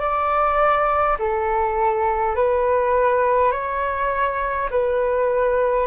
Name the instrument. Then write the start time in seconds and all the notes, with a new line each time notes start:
flute
0.00 D5
1.19 A4
2.35 B4
3.52 C#5
4.71 B4